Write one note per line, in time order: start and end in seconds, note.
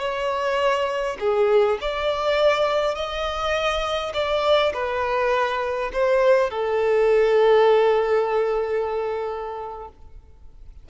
0.00 1.18 C#5
1.20 1.79 G#4
1.81 2.95 D5
2.95 4.13 D#5
4.14 4.73 D5
4.74 5.91 B4
5.93 6.51 C5
6.51 9.89 A4